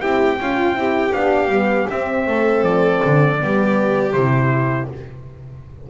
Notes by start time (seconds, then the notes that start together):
0.00 C4 E4 G4 G5
0.40 C#4 F4
0.73 C4 E4 G4
1.13 B3 D4 F5
1.48 G3 B3
1.90 C4 E5
2.27 A3 A4
2.62 F3 D5
3.05 D3
3.39 G3 B3 G4
4.13 C3 E4 C5